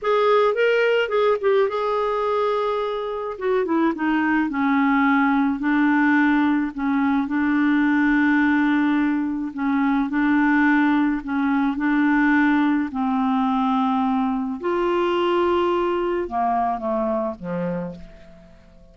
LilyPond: \new Staff \with { instrumentName = "clarinet" } { \time 4/4 \tempo 4 = 107 gis'4 ais'4 gis'8 g'8 gis'4~ | gis'2 fis'8 e'8 dis'4 | cis'2 d'2 | cis'4 d'2.~ |
d'4 cis'4 d'2 | cis'4 d'2 c'4~ | c'2 f'2~ | f'4 ais4 a4 f4 | }